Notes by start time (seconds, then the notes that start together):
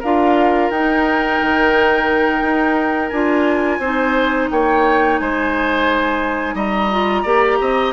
0.00 D4 F4 A#4 F5
0.71 D#4 G5
1.41 D#3
2.42 D#4
3.10 D4 F4 G#5
3.79 C4 D#4 C5
4.51 A#3 C#5 G5
5.18 G#3 C5 G#5
6.55 G3 D#5 A#5
6.92 F4
7.23 A#3 G4 D5
7.60 C4 D#5